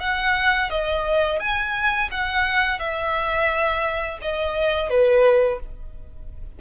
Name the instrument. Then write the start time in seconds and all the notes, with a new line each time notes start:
violin
0.00 F#5
0.70 D#5
1.39 G#5
2.11 F#5
2.79 E5
4.21 D#5
4.90 B4